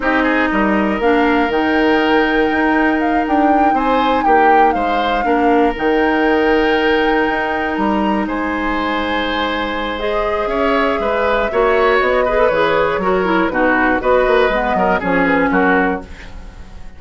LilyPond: <<
  \new Staff \with { instrumentName = "flute" } { \time 4/4 \tempo 4 = 120 dis''2 f''4 g''4~ | g''2 f''8 g''4 gis''8~ | gis''8 g''4 f''2 g''8~ | g''2.~ g''8 ais''8~ |
ais''8 gis''2.~ gis''8 | dis''4 e''2. | dis''4 cis''2 b'4 | dis''2 cis''8 b'8 ais'4 | }
  \new Staff \with { instrumentName = "oboe" } { \time 4/4 g'8 gis'8 ais'2.~ | ais'2.~ ais'8 c''8~ | c''8 g'4 c''4 ais'4.~ | ais'1~ |
ais'8 c''2.~ c''8~ | c''4 cis''4 b'4 cis''4~ | cis''8 b'4. ais'4 fis'4 | b'4. ais'8 gis'4 fis'4 | }
  \new Staff \with { instrumentName = "clarinet" } { \time 4/4 dis'2 d'4 dis'4~ | dis'1~ | dis'2~ dis'8 d'4 dis'8~ | dis'1~ |
dis'1 | gis'2. fis'4~ | fis'8 gis'16 a'16 gis'4 fis'8 e'8 dis'4 | fis'4 b4 cis'2 | }
  \new Staff \with { instrumentName = "bassoon" } { \time 4/4 c'4 g4 ais4 dis4~ | dis4 dis'4. d'4 c'8~ | c'8 ais4 gis4 ais4 dis8~ | dis2~ dis8 dis'4 g8~ |
g8 gis2.~ gis8~ | gis4 cis'4 gis4 ais4 | b4 e4 fis4 b,4 | b8 ais8 gis8 fis8 f4 fis4 | }
>>